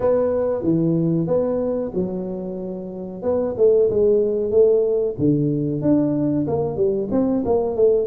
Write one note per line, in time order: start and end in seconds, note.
0.00 0.63 B3
0.63 1.27 E3
1.27 1.91 B3
1.94 3.22 F#3
3.22 3.55 B3
3.57 3.89 A3
3.89 4.50 G#3
4.50 5.15 A3
5.18 5.81 D3
5.81 6.45 D4
6.47 6.76 A#3
6.76 7.08 G3
7.11 7.43 C4
7.45 7.76 A#3
7.76 8.06 A3